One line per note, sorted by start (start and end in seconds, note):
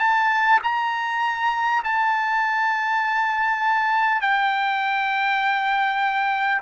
0.00 0.60 A5
0.64 1.84 A#5
1.84 4.22 A5
4.22 6.62 G5